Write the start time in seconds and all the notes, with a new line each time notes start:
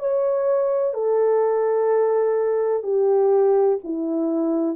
0.00 C#5
0.94 A4
2.84 G4
3.84 E4